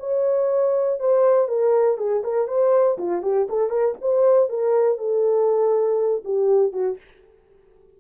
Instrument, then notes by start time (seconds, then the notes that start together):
horn
0.00 C#5
1.00 C5
1.48 A#4
1.98 G#4
2.24 A#4
2.48 C5
2.98 F4
3.23 G4
3.49 A4
3.70 A#4
4.01 C5
4.50 A#4
4.98 A4
6.25 G4
6.73 F#4